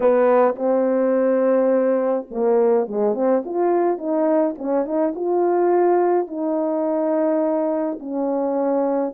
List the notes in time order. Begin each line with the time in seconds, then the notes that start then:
0.00 B3
0.55 C4
2.30 A#3
2.87 G#3
3.14 C4
3.45 F4
3.97 D#4
4.58 C#4
4.85 D#4
5.15 F4
6.27 D#4
7.99 C#4